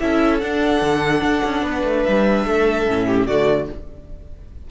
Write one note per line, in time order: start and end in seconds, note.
0.00 0.43 C#4
0.00 0.41 E4
0.00 1.66 A4
0.00 0.39 E5
0.39 2.88 D4
0.39 0.82 D4
0.39 2.03 F#5
0.82 1.22 D3
1.22 1.42 D4
1.44 1.62 C#4
1.62 1.83 B3
1.62 2.46 B4
1.84 2.04 A3
2.03 2.45 G3
2.03 3.26 E5
2.45 2.86 A3
2.45 3.07 A4
2.87 3.27 A2
2.87 3.29 C#4
3.07 3.27 G4
3.27 3.68 D3
3.27 3.70 A3
3.27 3.69 F#4
3.27 3.68 D5